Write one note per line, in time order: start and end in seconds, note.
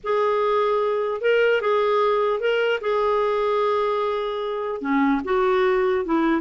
0.03 1.21 G#4
1.21 1.61 A#4
1.61 2.40 G#4
2.40 2.80 A#4
2.80 4.81 G#4
4.81 5.21 C#4
5.24 6.05 F#4
6.05 6.41 E4